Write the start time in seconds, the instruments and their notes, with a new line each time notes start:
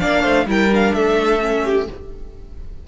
0.00 cello A#3, viola D4, violin D5 F5
0.23 cello A3, violin C5
0.46 cello G3, viola E4, violin A#4 G5
0.71 viola D4, violin F5
0.94 cello A3, violin A4 E5
1.41 viola C#4
1.65 violin G4